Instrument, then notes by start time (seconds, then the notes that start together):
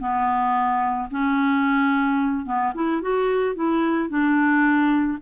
clarinet
0.00 B3
1.11 C#4
2.46 B3
2.75 E4
3.02 F#4
3.56 E4
4.10 D4